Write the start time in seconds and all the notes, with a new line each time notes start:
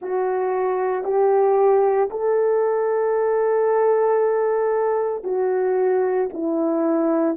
0.01 F#4
1.04 G4
2.10 A4
5.23 F#4
6.33 E4